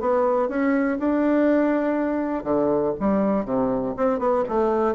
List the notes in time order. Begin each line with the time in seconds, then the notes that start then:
0.00 B3
0.48 C#4
0.99 D4
2.44 D3
3.00 G3
3.45 C3
3.96 C4
4.19 B3
4.49 A3